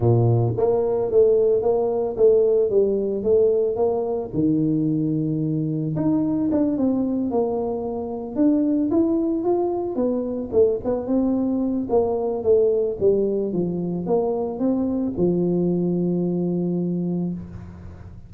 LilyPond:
\new Staff \with { instrumentName = "tuba" } { \time 4/4 \tempo 4 = 111 ais,4 ais4 a4 ais4 | a4 g4 a4 ais4 | dis2. dis'4 | d'8 c'4 ais2 d'8~ |
d'8 e'4 f'4 b4 a8 | b8 c'4. ais4 a4 | g4 f4 ais4 c'4 | f1 | }